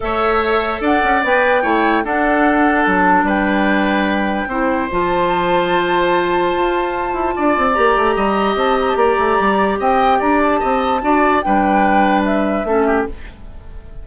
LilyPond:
<<
  \new Staff \with { instrumentName = "flute" } { \time 4/4 \tempo 4 = 147 e''2 fis''4 g''4~ | g''4 fis''2 a''4 | g''1 | a''1~ |
a''2. ais''4~ | ais''4 a''8 ais''16 a''16 ais''2 | g''4 ais''8 a''2~ a''8 | g''2 e''2 | }
  \new Staff \with { instrumentName = "oboe" } { \time 4/4 cis''2 d''2 | cis''4 a'2. | b'2. c''4~ | c''1~ |
c''2 d''2 | dis''2 d''2 | dis''4 d''4 dis''4 d''4 | b'2. a'8 g'8 | }
  \new Staff \with { instrumentName = "clarinet" } { \time 4/4 a'2. b'4 | e'4 d'2.~ | d'2. e'4 | f'1~ |
f'2. g'4~ | g'1~ | g'2. fis'4 | d'2. cis'4 | }
  \new Staff \with { instrumentName = "bassoon" } { \time 4/4 a2 d'8 cis'8 b4 | a4 d'2 fis4 | g2. c'4 | f1 |
f'4. e'8 d'8 c'8 ais8 a8 | g4 c'4 ais8 a8 g4 | c'4 d'4 c'4 d'4 | g2. a4 | }
>>